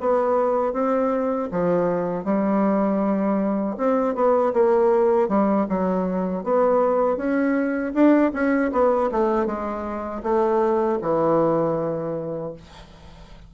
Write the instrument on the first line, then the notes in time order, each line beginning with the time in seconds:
bassoon
0.00 B3
0.73 C4
1.51 F3
2.24 G3
3.77 C4
4.15 B3
4.53 A#3
5.28 G3
5.69 F#3
6.43 B3
7.17 C#4
7.94 D4
8.33 C#4
8.72 B3
9.11 A3
9.46 G#3
10.23 A3
11.01 E3